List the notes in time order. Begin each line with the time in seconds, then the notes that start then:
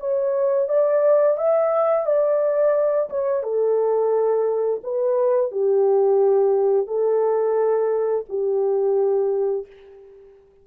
0.00 C#5
0.69 D5
1.38 E5
2.06 D5
3.10 C#5
3.43 A4
4.84 B4
5.52 G4
6.87 A4
8.29 G4